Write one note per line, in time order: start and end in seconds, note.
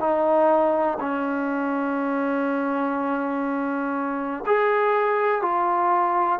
0.00 0.98 D#4
1.00 4.44 C#4
4.46 5.42 G#4
5.42 6.39 F4